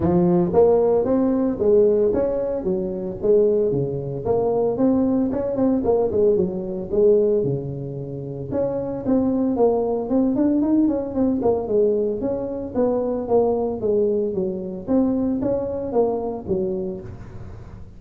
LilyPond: \new Staff \with { instrumentName = "tuba" } { \time 4/4 \tempo 4 = 113 f4 ais4 c'4 gis4 | cis'4 fis4 gis4 cis4 | ais4 c'4 cis'8 c'8 ais8 gis8 | fis4 gis4 cis2 |
cis'4 c'4 ais4 c'8 d'8 | dis'8 cis'8 c'8 ais8 gis4 cis'4 | b4 ais4 gis4 fis4 | c'4 cis'4 ais4 fis4 | }